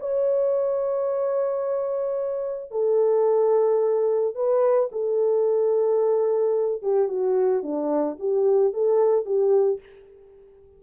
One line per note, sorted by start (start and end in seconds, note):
0.00 2.72 C#5
2.72 4.35 A4
4.35 4.90 B4
4.92 6.83 A4
6.83 7.09 G4
7.09 7.63 F#4
7.63 8.18 D4
8.20 8.74 G4
8.74 9.26 A4
9.26 9.80 G4